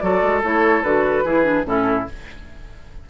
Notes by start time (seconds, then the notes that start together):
0.00 F#3 F#4 A4 D5
0.22 G#3
0.43 A3 E4 C#5
0.82 D3 F#4 B4
1.24 E3 E4 G#4
1.44 D4
1.64 A2 C#4 E4 A4